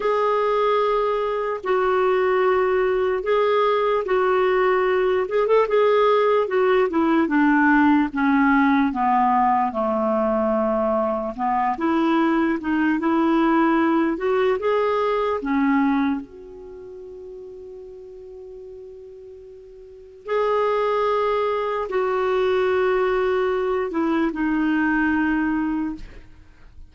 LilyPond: \new Staff \with { instrumentName = "clarinet" } { \time 4/4 \tempo 4 = 74 gis'2 fis'2 | gis'4 fis'4. gis'16 a'16 gis'4 | fis'8 e'8 d'4 cis'4 b4 | a2 b8 e'4 dis'8 |
e'4. fis'8 gis'4 cis'4 | fis'1~ | fis'4 gis'2 fis'4~ | fis'4. e'8 dis'2 | }